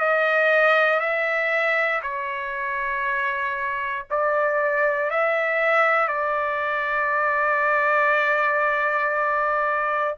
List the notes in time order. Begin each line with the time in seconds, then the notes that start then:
0.00 D#5
1.00 E5
2.02 C#5
4.10 D5
5.10 E5
6.08 D5